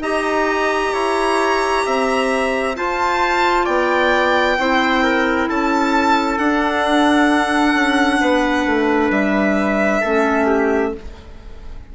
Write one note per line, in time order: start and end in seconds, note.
0.00 0.91 D#4
0.00 2.75 G4
0.00 0.93 D#5
0.00 2.75 A#5
0.93 1.84 E4
0.93 1.84 C#5
1.86 2.77 C4
1.86 2.77 E5
2.76 4.57 F4
2.76 3.67 F4
2.76 3.64 C5
2.76 3.66 A5
3.64 4.57 B3
3.64 4.55 D5
3.64 5.47 G5
4.57 5.48 C4
4.57 6.39 E4
4.57 5.03 C5
5.03 5.48 A#4
5.48 6.38 C#4
5.48 8.20 A4
5.48 6.38 A5
6.38 7.74 D4
6.38 10.02 D4
6.38 9.11 F#5
7.74 8.20 C#4
8.20 8.66 B3
8.20 10.01 B4
8.66 9.10 A3
9.10 10.01 G3
9.10 10.93 E5
10.01 10.94 A3
10.01 10.95 C#4
10.01 10.46 A4
10.46 10.92 G4